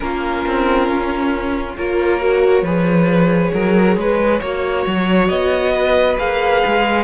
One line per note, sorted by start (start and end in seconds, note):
0.00 0.46 A#3
0.00 1.76 C#4
0.00 1.77 F4
0.00 1.75 A#4
0.46 0.88 C4
0.88 1.76 C#4
1.75 2.62 A#3
1.75 2.20 F4
1.75 2.63 A#4
1.75 5.28 C#5
2.20 2.65 F#4
2.62 3.50 F3
2.62 4.42 G#4
2.62 3.51 B4
3.53 3.96 F#3
3.53 3.97 A#4
3.96 4.40 G#3
3.96 4.40 B4
4.40 4.85 A#3
4.40 6.17 F#4
4.40 5.72 C#5
4.86 5.29 F#3
5.28 6.17 B3
5.28 6.16 D#5
5.72 7.04 B4
6.17 6.62 A#3
6.17 7.04 G#4
6.17 7.04 F5
6.65 7.04 G#3